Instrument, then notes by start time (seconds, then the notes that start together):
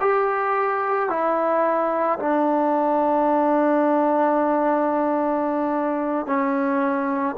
trombone
0.00 G4
1.09 E4
2.19 D4
6.26 C#4